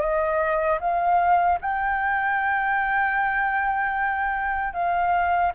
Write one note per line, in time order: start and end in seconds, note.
0.00 0.79 D#5
0.80 1.59 F5
1.61 4.73 G5
4.73 5.52 F5